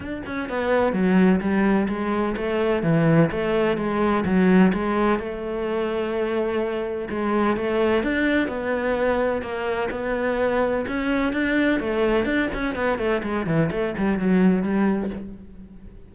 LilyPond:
\new Staff \with { instrumentName = "cello" } { \time 4/4 \tempo 4 = 127 d'8 cis'8 b4 fis4 g4 | gis4 a4 e4 a4 | gis4 fis4 gis4 a4~ | a2. gis4 |
a4 d'4 b2 | ais4 b2 cis'4 | d'4 a4 d'8 cis'8 b8 a8 | gis8 e8 a8 g8 fis4 g4 | }